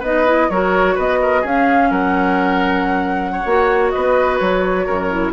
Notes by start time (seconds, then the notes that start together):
0.00 B3 D#4 B4 D#5
0.27 E4
0.50 F#3 F#4 A#4 C#5
0.95 B3 B4 D#5
1.22 A#4
1.42 C#4 G#4 F5
1.91 F#3 A#4 F#5
3.32 C#5
3.46 A#3 F#4
3.90 B4 D#5
3.97 B3
4.39 F#3 C#5
4.86 F#2 A#4
5.11 E4